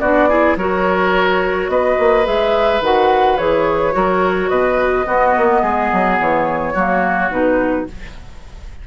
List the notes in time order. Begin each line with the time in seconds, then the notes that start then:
0.00 B3 D4 F#4 D5
0.29 E4 G#4
0.56 F#3 F#4 A#4 C#5
1.68 B3 B4 D#5
1.99 A#3
2.24 G#3 G#4 E5
2.81 D#3 F#4 F#5
3.38 E3 G#4 C#5
3.92 F#3 F#4 A#4
4.49 B2 B4 D#5
5.06 B3 F#4
5.37 A#3
5.62 G#3 G#4
5.92 F#3
6.20 E3 C#5
6.74 F#3 A#3 F#4
7.31 B2 D#4 B4